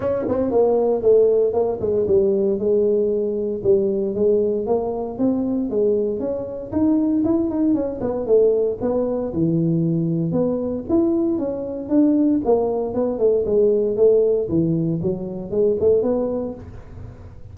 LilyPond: \new Staff \with { instrumentName = "tuba" } { \time 4/4 \tempo 4 = 116 cis'8 c'8 ais4 a4 ais8 gis8 | g4 gis2 g4 | gis4 ais4 c'4 gis4 | cis'4 dis'4 e'8 dis'8 cis'8 b8 |
a4 b4 e2 | b4 e'4 cis'4 d'4 | ais4 b8 a8 gis4 a4 | e4 fis4 gis8 a8 b4 | }